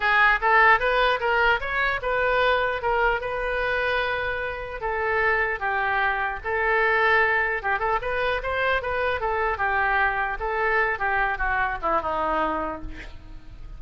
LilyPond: \new Staff \with { instrumentName = "oboe" } { \time 4/4 \tempo 4 = 150 gis'4 a'4 b'4 ais'4 | cis''4 b'2 ais'4 | b'1 | a'2 g'2 |
a'2. g'8 a'8 | b'4 c''4 b'4 a'4 | g'2 a'4. g'8~ | g'8 fis'4 e'8 dis'2 | }